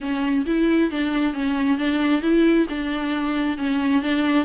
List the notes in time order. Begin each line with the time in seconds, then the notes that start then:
0.01 C#4
0.45 E4
0.91 D4
1.33 C#4
1.77 D4
2.22 E4
2.69 D4
3.57 C#4
4.02 D4